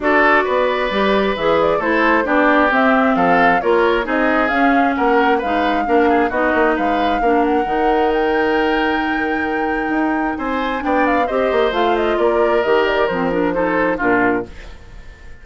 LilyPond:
<<
  \new Staff \with { instrumentName = "flute" } { \time 4/4 \tempo 4 = 133 d''2. e''8 d''8 | c''4 d''4 e''4 f''4 | cis''4 dis''4 f''4 fis''4 | f''2 dis''4 f''4~ |
f''8 fis''4. g''2~ | g''2. gis''4 | g''8 f''8 dis''4 f''8 dis''8 d''4 | dis''8 d''8 c''8 ais'8 c''4 ais'4 | }
  \new Staff \with { instrumentName = "oboe" } { \time 4/4 a'4 b'2. | a'4 g'2 a'4 | ais'4 gis'2 ais'4 | b'4 ais'8 gis'8 fis'4 b'4 |
ais'1~ | ais'2. c''4 | d''4 c''2 ais'4~ | ais'2 a'4 f'4 | }
  \new Staff \with { instrumentName = "clarinet" } { \time 4/4 fis'2 g'4 gis'4 | e'4 d'4 c'2 | f'4 dis'4 cis'2 | dis'4 d'4 dis'2 |
d'4 dis'2.~ | dis'1 | d'4 g'4 f'2 | g'4 c'8 d'8 dis'4 d'4 | }
  \new Staff \with { instrumentName = "bassoon" } { \time 4/4 d'4 b4 g4 e4 | a4 b4 c'4 f4 | ais4 c'4 cis'4 ais4 | gis4 ais4 b8 ais8 gis4 |
ais4 dis2.~ | dis2 dis'4 c'4 | b4 c'8 ais8 a4 ais4 | dis4 f2 ais,4 | }
>>